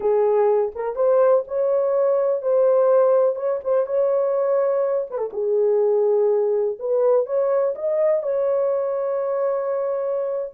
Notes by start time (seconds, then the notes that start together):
0.00 G#4
0.75 A#4
0.95 C5
1.47 C#5
2.42 C5
3.35 C#5
3.64 C5
3.86 C#5
5.10 B4
5.18 A4
5.32 G#4
6.79 B4
7.26 C#5
7.75 D#5
8.23 C#5